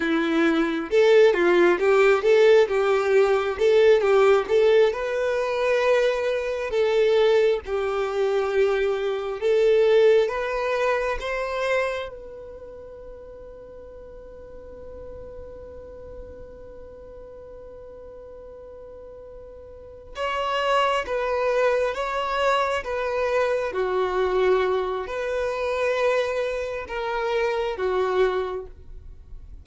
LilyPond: \new Staff \with { instrumentName = "violin" } { \time 4/4 \tempo 4 = 67 e'4 a'8 f'8 g'8 a'8 g'4 | a'8 g'8 a'8 b'2 a'8~ | a'8 g'2 a'4 b'8~ | b'8 c''4 b'2~ b'8~ |
b'1~ | b'2~ b'8 cis''4 b'8~ | b'8 cis''4 b'4 fis'4. | b'2 ais'4 fis'4 | }